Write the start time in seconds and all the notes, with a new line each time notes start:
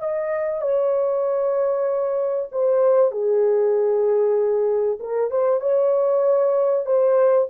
0.00 D#5
0.62 C#5
2.52 C5
3.12 G#4
5.00 A#4
5.31 C5
5.61 C#5
6.86 C5